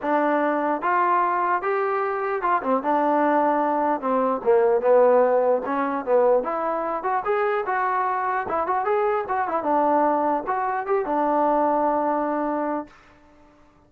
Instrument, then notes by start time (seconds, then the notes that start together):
trombone
0.01 D4
0.81 F4
1.62 G4
2.42 F4
2.62 C4
2.82 D4
4.00 C4
4.43 A#3
4.81 B3
5.65 C#4
6.05 B3
6.43 E4
7.03 F#4
7.24 G#4
7.66 F#4
8.48 E4
8.66 F#4
8.84 G#4
9.28 F#4
9.47 E4
9.63 D4
10.46 F#4
10.86 G4
11.05 D4